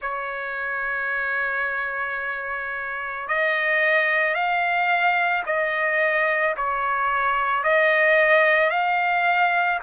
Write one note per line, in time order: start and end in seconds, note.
0.01 3.28 C#5
3.28 4.34 D#5
4.34 5.43 F5
5.45 6.55 D#5
6.57 7.63 C#5
7.63 8.70 D#5
8.70 9.79 F5